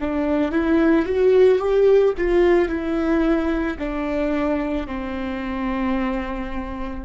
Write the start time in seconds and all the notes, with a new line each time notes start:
0.00 D4
0.51 E4
1.05 F#4
1.59 G4
2.17 F4
2.68 E4
3.78 D4
4.86 C4